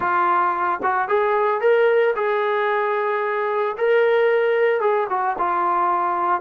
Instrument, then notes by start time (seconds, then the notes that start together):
trombone
0.00 F4
0.82 F#4
1.08 G#4
1.60 A#4
2.15 G#4
3.77 A#4
4.80 G#4
5.09 F#4
5.38 F4